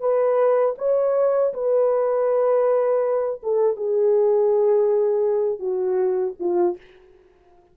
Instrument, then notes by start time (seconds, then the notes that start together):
horn
0.00 B4
0.78 C#5
1.53 B4
3.43 A4
3.76 G#4
5.59 F#4
6.40 F4